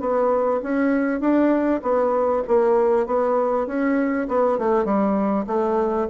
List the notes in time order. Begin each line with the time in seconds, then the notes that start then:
0.00 B3
0.63 C#4
1.20 D4
1.82 B3
2.48 A#3
3.06 B3
3.67 C#4
4.28 B3
4.58 A3
4.85 G3
5.47 A3